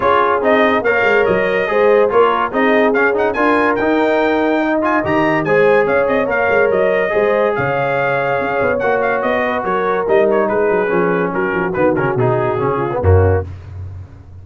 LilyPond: <<
  \new Staff \with { instrumentName = "trumpet" } { \time 4/4 \tempo 4 = 143 cis''4 dis''4 f''4 dis''4~ | dis''4 cis''4 dis''4 f''8 fis''8 | gis''4 g''2~ g''8 gis''8 | ais''4 gis''4 f''8 dis''8 f''4 |
dis''2 f''2~ | f''4 fis''8 f''8 dis''4 cis''4 | dis''8 cis''8 b'2 ais'4 | b'8 ais'8 gis'2 fis'4 | }
  \new Staff \with { instrumentName = "horn" } { \time 4/4 gis'2 cis''2 | c''4 ais'4 gis'2 | ais'2. dis''4~ | dis''4 c''4 cis''2~ |
cis''4 c''4 cis''2~ | cis''2~ cis''8 b'8 ais'4~ | ais'4 gis'2 fis'4~ | fis'2~ fis'8 f'8 cis'4 | }
  \new Staff \with { instrumentName = "trombone" } { \time 4/4 f'4 dis'4 ais'2 | gis'4 f'4 dis'4 cis'8 dis'8 | f'4 dis'2~ dis'8 f'8 | g'4 gis'2 ais'4~ |
ais'4 gis'2.~ | gis'4 fis'2. | dis'2 cis'2 | b8 cis'8 dis'4 cis'8. b16 ais4 | }
  \new Staff \with { instrumentName = "tuba" } { \time 4/4 cis'4 c'4 ais8 gis8 fis4 | gis4 ais4 c'4 cis'4 | d'4 dis'2. | dis4 gis4 cis'8 c'8 ais8 gis8 |
fis4 gis4 cis2 | cis'8 b8 ais4 b4 fis4 | g4 gis8 fis8 f4 fis8 f8 | dis8 cis8 b,4 cis4 fis,4 | }
>>